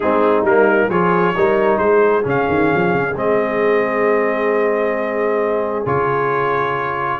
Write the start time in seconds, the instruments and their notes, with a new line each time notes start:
0.00 tuba G#3, trombone C4, horn D#4, trumpet G#4
0.43 tuba G3, trombone A#3, trumpet A#4
0.88 tuba F3, trombone F4, horn G#4, trumpet C#5
1.35 tuba G3, trombone D#4, horn A#4
1.78 tuba G#3, horn G#4, trumpet C5
2.22 tuba C#3, trombone C#4
2.29 trumpet F5
2.48 tuba D#3
2.75 tuba F3
2.94 tuba C#3
3.14 tuba G#3, trombone C4, trumpet D#5
5.85 tuba C#3, trombone F4, trumpet C#5